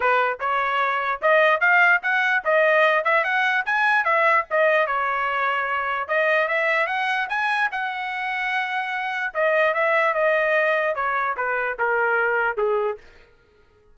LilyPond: \new Staff \with { instrumentName = "trumpet" } { \time 4/4 \tempo 4 = 148 b'4 cis''2 dis''4 | f''4 fis''4 dis''4. e''8 | fis''4 gis''4 e''4 dis''4 | cis''2. dis''4 |
e''4 fis''4 gis''4 fis''4~ | fis''2. dis''4 | e''4 dis''2 cis''4 | b'4 ais'2 gis'4 | }